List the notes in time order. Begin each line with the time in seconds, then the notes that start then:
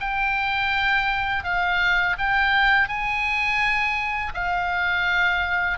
0.00 G5
1.44 F5
2.18 G5
2.88 G#5
4.34 F5